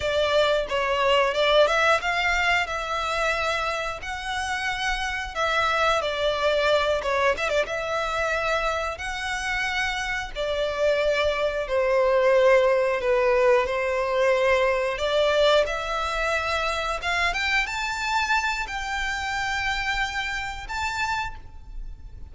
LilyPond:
\new Staff \with { instrumentName = "violin" } { \time 4/4 \tempo 4 = 90 d''4 cis''4 d''8 e''8 f''4 | e''2 fis''2 | e''4 d''4. cis''8 e''16 d''16 e''8~ | e''4. fis''2 d''8~ |
d''4. c''2 b'8~ | b'8 c''2 d''4 e''8~ | e''4. f''8 g''8 a''4. | g''2. a''4 | }